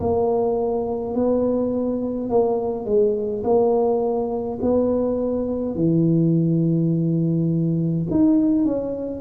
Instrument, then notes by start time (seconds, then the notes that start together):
tuba
0.00 A#3
1.14 B3
2.30 A#3
2.85 G#3
3.44 A#3
4.62 B3
5.75 E3
8.10 D#4
8.65 C#4